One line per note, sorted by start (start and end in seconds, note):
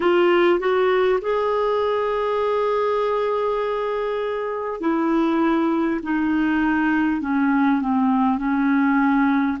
0.00 0.59 F4
0.59 1.19 F#4
1.21 4.80 G#4
4.80 6.00 E4
6.02 7.21 D#4
7.21 7.81 C#4
7.81 8.37 C4
8.37 9.57 C#4